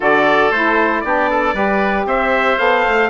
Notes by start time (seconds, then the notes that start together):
0.00 D3 F#4 A4 D5
0.51 A3 E4 C5
1.00 B3 D4 G4 D5
1.30 A4
1.53 G3 G4 B4
2.05 C4 C5 E5
2.58 B3 A4 F5
2.87 A3